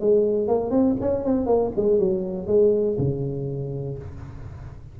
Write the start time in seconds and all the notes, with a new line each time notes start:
0.00 G#3
0.47 A#3
0.70 C4
1.01 C#4
1.24 C4
1.46 A#3
1.76 G#3
1.99 F#3
2.47 G#3
2.98 C#3